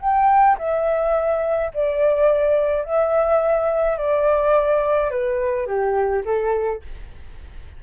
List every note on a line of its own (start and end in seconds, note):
0.00 0.57 G5
0.58 1.71 E5
1.74 2.84 D5
2.84 3.97 E5
3.97 5.10 D5
5.10 5.67 B4
5.67 6.23 G4
6.25 6.82 A4